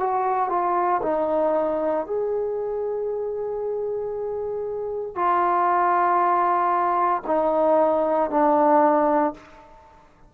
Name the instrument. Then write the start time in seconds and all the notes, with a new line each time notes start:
trombone
0.00 F#4
0.49 F4
1.03 D#4
2.06 G#4
5.15 F4
7.27 D#4
8.30 D4